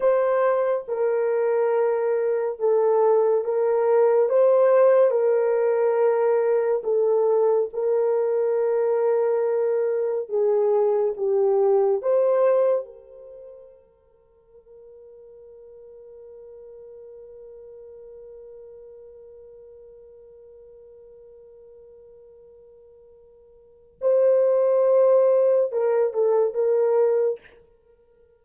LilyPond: \new Staff \with { instrumentName = "horn" } { \time 4/4 \tempo 4 = 70 c''4 ais'2 a'4 | ais'4 c''4 ais'2 | a'4 ais'2. | gis'4 g'4 c''4 ais'4~ |
ais'1~ | ais'1~ | ais'1 | c''2 ais'8 a'8 ais'4 | }